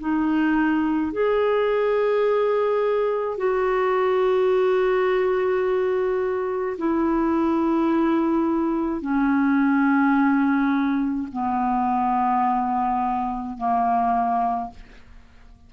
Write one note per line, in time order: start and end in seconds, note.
0.00 1.12 D#4
1.12 3.38 G#4
3.38 6.77 F#4
6.78 9.02 E4
9.02 11.28 C#4
11.32 13.57 B3
13.57 14.71 A#3